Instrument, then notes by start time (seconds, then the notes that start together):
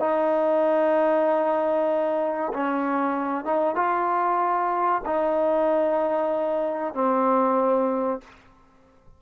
trombone
0.00 D#4
2.53 C#4
3.45 D#4
3.76 F4
5.06 D#4
6.94 C4